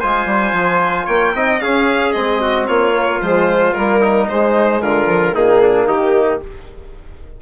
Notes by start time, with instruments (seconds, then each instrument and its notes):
0.00 bassoon G#3, trombone F4, trumpet C5, violin G#5
0.26 bassoon G3
0.53 bassoon F3
1.05 bassoon A#3, trumpet C#5, violin G5
1.34 bassoon C4, trombone D#4, trumpet D#5
1.60 trombone C#4, bassoon C#4, trumpet G#4, violin F5
2.12 bassoon G#3, trombone C4, violin D#5
2.41 trumpet F#4
2.67 bassoon A#3, trumpet F4, violin C#5
2.94 trombone A#3
3.21 bassoon F3, trombone G#3, violin C5
3.73 bassoon G3, trombone A#3, violin A#4
4.01 trumpet D#4
4.29 trombone G#3, bassoon G#3, violin C5
4.81 bassoon D3, trumpet F4, violin A#4
5.05 trombone F3
5.33 bassoon A#2, trombone A#3, trumpet D#4, violin G#4
5.62 trumpet D4
5.88 bassoon D#3, trumpet D#4, violin G4